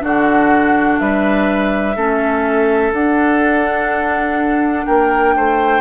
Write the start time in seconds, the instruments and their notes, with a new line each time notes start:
0.00 bassoon D3, clarinet D4, oboe F#4, flute F#5
0.99 bassoon G3, oboe B4, flute E5
1.96 bassoon A3, clarinet C#4, oboe A4
2.92 bassoon D4, clarinet D4, flute F#5
4.86 bassoon A#3, oboe A#4, flute G5
5.36 bassoon A3, oboe C5